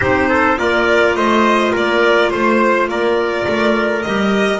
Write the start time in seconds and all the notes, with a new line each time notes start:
0.00 C4 D#4 G4 C5
0.28 A4
0.56 A#3 F4 A#4 D5
1.15 A3 C5 D#5
1.72 A#3 A#4 D5
2.30 A3 C5
2.88 A#3 A#4 D5
3.47 A3
4.02 G3 G4 D#5